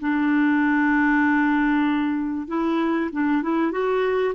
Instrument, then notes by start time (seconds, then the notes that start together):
clarinet
0.00 D4
2.48 E4
3.12 D4
3.42 E4
3.72 F#4